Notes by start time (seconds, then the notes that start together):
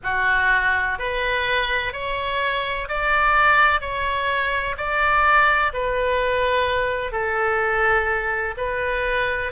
0.03 F#4
0.98 B4
1.93 C#5
2.88 D5
3.81 C#5
4.77 D5
5.73 B4
7.12 A4
8.57 B4